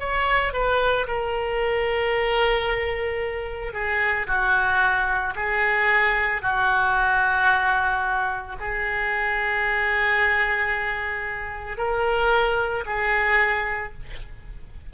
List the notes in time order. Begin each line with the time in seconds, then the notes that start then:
0.00 C#5
0.54 B4
1.08 A#4
3.74 G#4
4.28 F#4
5.36 G#4
6.42 F#4
8.60 G#4
11.78 A#4
12.86 G#4